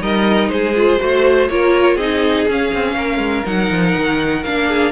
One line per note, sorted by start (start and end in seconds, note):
0.00 0.49 G3
0.00 0.74 D#4
0.00 0.51 A#4
0.00 0.49 D#5
0.49 0.98 G#3
0.49 1.01 G#4
0.49 1.47 C5
0.75 0.99 F4
0.99 1.49 A3
0.99 1.48 F#4
0.99 1.50 C5
1.48 1.96 A#3
1.48 1.99 F4
1.48 1.96 A#4
1.48 1.97 C#5
1.96 2.45 C4
1.96 2.48 D#4
1.96 2.94 G#4
1.96 2.46 D#5
2.48 2.73 C#4
2.48 3.44 C#4
2.48 3.46 F5
2.74 2.95 C4
2.95 3.17 A#3
2.95 4.67 A#4
3.17 3.42 G#3
3.44 3.70 F#3
3.44 4.42 D#4
3.44 4.43 F#5
3.70 3.95 F3
3.96 4.45 D#3
4.43 4.91 A#3
4.43 4.91 D4
4.43 4.91 F5
4.67 4.91 G#4